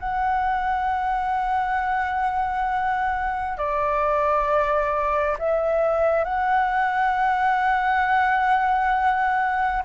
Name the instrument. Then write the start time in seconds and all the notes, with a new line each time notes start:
flute
0.00 F#5
3.58 D5
5.39 E5
6.25 F#5